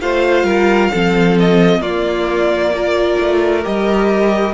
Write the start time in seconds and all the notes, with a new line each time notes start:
0.00 A3 F4 C5 F5
0.43 G3 A#4
0.91 F3 C4 A4
1.40 D#5
1.79 A#3 F4 D5
2.75 F4 A#4
3.20 A3
3.62 G3 G4 D#5